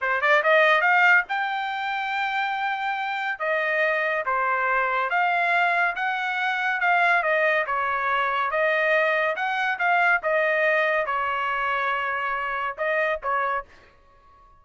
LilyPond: \new Staff \with { instrumentName = "trumpet" } { \time 4/4 \tempo 4 = 141 c''8 d''8 dis''4 f''4 g''4~ | g''1 | dis''2 c''2 | f''2 fis''2 |
f''4 dis''4 cis''2 | dis''2 fis''4 f''4 | dis''2 cis''2~ | cis''2 dis''4 cis''4 | }